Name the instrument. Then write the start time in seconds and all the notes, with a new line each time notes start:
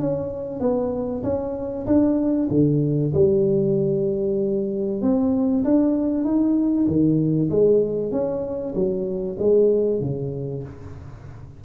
tuba
0.00 C#4
0.60 B3
1.23 C#4
1.86 D4
2.51 D3
3.14 G3
5.02 C4
5.64 D4
6.24 D#4
6.87 D#3
7.50 G#3
8.12 C#4
8.75 F#3
9.39 G#3
10.01 C#3